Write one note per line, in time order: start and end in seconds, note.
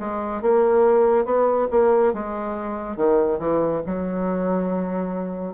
0.00 0.42 G#3
0.42 1.25 A#3
1.25 1.68 B3
1.71 2.14 A#3
2.14 2.97 G#3
2.97 3.39 D#3
3.39 3.82 E3
3.86 5.55 F#3